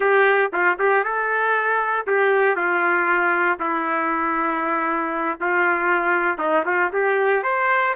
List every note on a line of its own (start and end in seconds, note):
0.00 0.51 G4
0.52 0.78 F4
0.78 1.04 G4
1.04 2.06 A4
2.06 2.55 G4
2.55 3.58 F4
3.59 5.38 E4
5.40 6.38 F4
6.38 6.64 D#4
6.65 6.91 F4
6.92 7.43 G4
7.43 7.94 C5